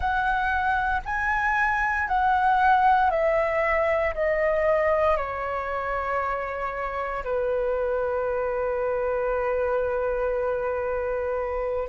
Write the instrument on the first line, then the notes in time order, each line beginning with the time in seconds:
flute
0.00 F#5
1.05 G#5
2.07 F#5
3.10 E5
4.14 D#5
5.16 C#5
7.24 B4